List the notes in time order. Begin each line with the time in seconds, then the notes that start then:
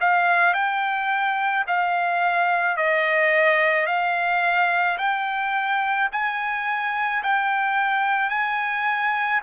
0.00 F5
0.54 G5
1.67 F5
2.76 D#5
3.86 F5
4.98 G5
6.12 G#5
7.23 G5
8.29 G#5